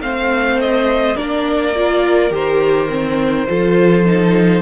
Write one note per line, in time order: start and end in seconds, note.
0.00 1.15 A3
0.00 1.15 C4
0.00 1.17 C5
0.00 0.60 F5
0.60 1.16 D#5
1.15 2.31 A#3
1.15 1.73 D4
1.15 3.48 A#4
1.15 2.32 D5
1.75 2.30 F4
2.30 3.46 D#3
2.30 2.88 G4
2.30 4.62 C5
2.89 3.47 C4
3.47 4.62 F3
3.47 4.05 F4
3.47 4.62 A4
4.05 4.62 D#4